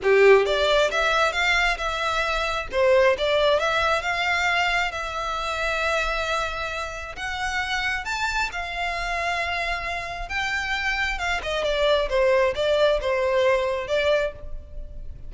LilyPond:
\new Staff \with { instrumentName = "violin" } { \time 4/4 \tempo 4 = 134 g'4 d''4 e''4 f''4 | e''2 c''4 d''4 | e''4 f''2 e''4~ | e''1 |
fis''2 a''4 f''4~ | f''2. g''4~ | g''4 f''8 dis''8 d''4 c''4 | d''4 c''2 d''4 | }